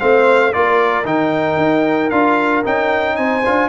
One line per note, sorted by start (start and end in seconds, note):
0.00 0.55 A3
0.00 0.53 C4
0.00 0.53 C5
0.00 0.53 F5
0.53 1.05 A#3
0.53 1.05 F4
0.53 3.17 A#4
0.53 1.05 D5
1.05 1.57 D#3
1.05 2.10 D#4
1.05 2.10 G5
1.57 2.10 D#4
2.10 2.64 D4
2.10 2.64 F4
2.10 2.63 F5
2.64 3.18 C#4
2.64 3.43 D#4
2.64 3.16 G5
3.16 3.45 C4
3.16 3.69 C5
3.16 3.69 G#5
3.46 3.69 D4
3.46 3.69 F4